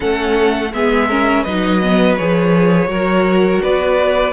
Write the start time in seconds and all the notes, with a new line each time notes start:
0.00 A3 C#4 A4 F#5
0.72 G#3 B3 G#4 E5
1.08 C#4 A#4
1.43 F#3 D#4 B4 D#5
1.81 B3
2.16 F3 G#4 C#5
2.87 F#3 F#4 A#4
3.62 B3 B4 D5